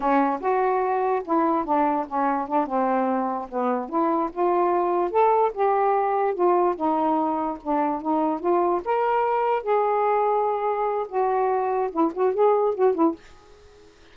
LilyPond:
\new Staff \with { instrumentName = "saxophone" } { \time 4/4 \tempo 4 = 146 cis'4 fis'2 e'4 | d'4 cis'4 d'8 c'4.~ | c'8 b4 e'4 f'4.~ | f'8 a'4 g'2 f'8~ |
f'8 dis'2 d'4 dis'8~ | dis'8 f'4 ais'2 gis'8~ | gis'2. fis'4~ | fis'4 e'8 fis'8 gis'4 fis'8 e'8 | }